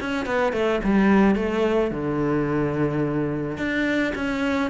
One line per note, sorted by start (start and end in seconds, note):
0.00 0.26 C#4
0.26 0.52 B3
0.52 0.80 A3
0.83 1.35 G3
1.35 1.91 A3
1.91 3.57 D3
3.57 4.13 D4
4.14 4.70 C#4